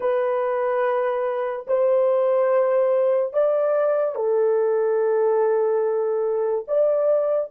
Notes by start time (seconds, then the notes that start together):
0.00 B4
1.67 C5
3.33 D5
4.15 A4
6.67 D5